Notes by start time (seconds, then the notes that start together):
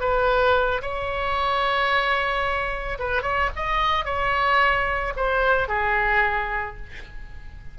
0.00 B4
0.82 C#5
2.99 B4
3.22 C#5
3.56 D#5
4.05 C#5
5.16 C5
5.68 G#4